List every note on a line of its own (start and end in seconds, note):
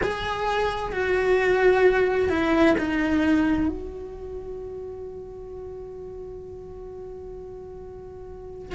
0.03 0.92 G#4
0.92 2.29 F#4
2.29 2.75 E4
2.78 3.68 D#4
3.68 8.74 F#4